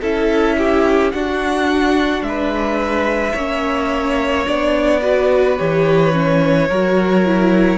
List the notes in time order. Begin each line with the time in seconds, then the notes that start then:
0.00 C#4 E4 A4 E5
0.57 G4
1.11 D4 F#4 F#5
2.22 G#3 E5
2.28 B4
3.33 A#3 C#4 C#5
4.46 B3 D4 D5
5.01 F#4 B4
5.58 E3 G4 C#5
6.12 C#4
6.68 F#3 F#4 A#4
7.25 E4